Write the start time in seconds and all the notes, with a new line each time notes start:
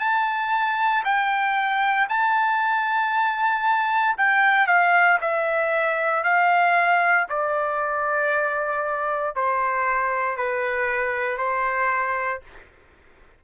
0.00 A5
1.05 G5
2.10 A5
4.18 G5
4.67 F5
5.21 E5
6.24 F5
7.29 D5
9.36 C5
10.37 B4
11.38 C5